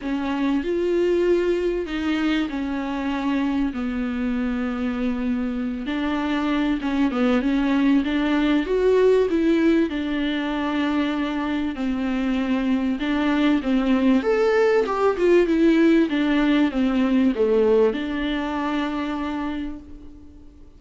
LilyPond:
\new Staff \with { instrumentName = "viola" } { \time 4/4 \tempo 4 = 97 cis'4 f'2 dis'4 | cis'2 b2~ | b4. d'4. cis'8 b8 | cis'4 d'4 fis'4 e'4 |
d'2. c'4~ | c'4 d'4 c'4 a'4 | g'8 f'8 e'4 d'4 c'4 | a4 d'2. | }